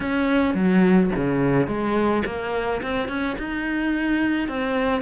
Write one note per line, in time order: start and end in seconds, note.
0.00 0.54 C#4
0.54 1.10 F#3
1.15 1.67 C#3
1.67 2.23 G#3
2.25 2.81 A#3
2.82 3.08 C4
3.08 3.36 C#4
3.38 4.48 D#4
4.48 5.01 C4